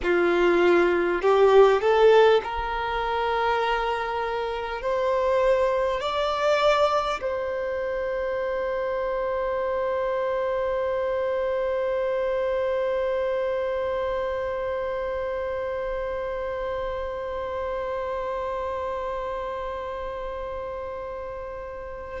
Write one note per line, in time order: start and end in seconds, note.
0.02 1.21 F4
1.21 1.81 G4
1.81 2.41 A4
2.43 4.81 A#4
4.81 6.00 C5
6.00 7.20 D5
7.21 22.20 C5